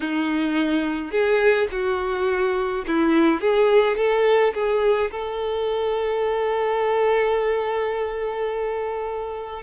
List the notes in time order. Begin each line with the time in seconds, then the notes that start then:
0.00 D#4
1.11 G#4
1.71 F#4
2.87 E4
3.40 G#4
3.96 A4
4.54 G#4
5.11 A4